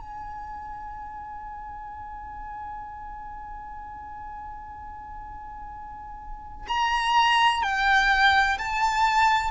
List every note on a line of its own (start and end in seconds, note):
0.00 6.67 G#5
6.68 7.62 A#5
7.62 8.58 G5
8.58 9.51 A5